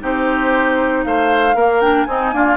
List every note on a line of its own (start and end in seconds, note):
0.00 1.04 C4
0.00 1.54 D#4
0.00 1.05 G4
0.00 1.04 C5
1.04 1.54 A3
1.04 1.56 C5
1.04 1.81 F5
1.54 2.06 A#3
1.54 1.82 A#3
1.54 2.07 A#4
1.81 2.07 D4
1.81 2.04 G5
2.04 2.32 C4
2.04 2.33 C4
2.04 2.34 D#4
2.04 2.56 G#5
2.33 2.57 A#3
2.33 2.57 D4
2.33 2.57 F4